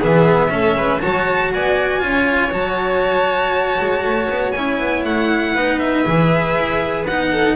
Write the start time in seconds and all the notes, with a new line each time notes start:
0.00 E3 B3 G#4 E5
0.49 A3 C#4 A4
0.75 G#3 B4
1.01 F#3 F#4 C#5 A5
1.54 B3 D5 G#5
2.00 C#4 F4 C#5
2.52 F#3 F#4 A5
3.80 G#3
4.04 A3
4.30 B3
4.52 C#4 E4 G#5
4.80 B3
5.05 A3 F#5
5.52 B3 D#4 B4
5.79 E5
6.05 E3 G#4
6.56 E4
7.05 B3 D#4 F#5
7.32 A4